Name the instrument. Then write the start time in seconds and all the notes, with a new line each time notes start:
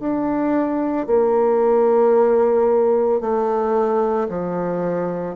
bassoon
0.00 D4
1.07 A#3
3.20 A3
4.29 F3